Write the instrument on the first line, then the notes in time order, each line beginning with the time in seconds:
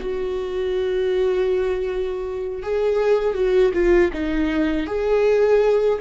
viola
0.00 F#4
2.62 G#4
3.34 F#4
3.74 F4
4.13 D#4
4.86 G#4